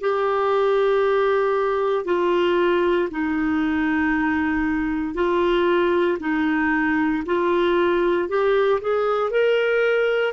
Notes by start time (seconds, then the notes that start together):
0.00 G4
2.05 F4
3.11 D#4
5.14 F4
6.20 D#4
7.26 F4
8.29 G4
8.81 G#4
9.31 A#4